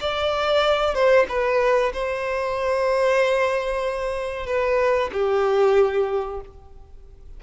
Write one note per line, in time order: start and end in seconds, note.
0.00 0.94 D5
0.94 1.26 C5
1.28 1.92 B4
1.93 4.46 C5
4.46 5.10 B4
5.12 6.40 G4